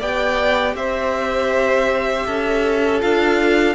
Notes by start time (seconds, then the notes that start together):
0.00 B3 G4 D5 G5
0.75 C4 C5 E5
2.27 C#4 A4
3.00 D4 F4 F5